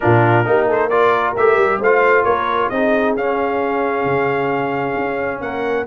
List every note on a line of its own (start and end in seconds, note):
0.00 0.46 A#2
0.00 0.45 D4
0.00 0.47 F4
0.00 0.68 A#4
0.45 1.36 A#3
0.45 0.90 D#4
0.45 0.67 G4
0.67 0.89 A4
0.67 0.89 C5
0.89 1.35 F4
0.89 1.79 A#4
0.89 1.34 D5
1.36 1.56 A3
1.36 1.83 G4
1.36 1.81 E5
1.56 1.79 G3
1.79 2.24 A3
1.79 2.73 F4
1.79 2.24 C5
1.79 2.24 F5
2.24 2.70 A#3
2.24 2.69 A#4
2.24 2.69 C#5
2.69 3.15 C4
2.69 3.18 D#4
2.69 5.41 G#4
2.69 3.14 D#5
3.15 4.04 C#4
3.15 5.86 C#4
3.15 5.41 F5
4.04 4.94 C#3
4.96 5.40 C#4
5.40 5.86 A#3
5.40 5.86 A#4
5.40 5.86 F#5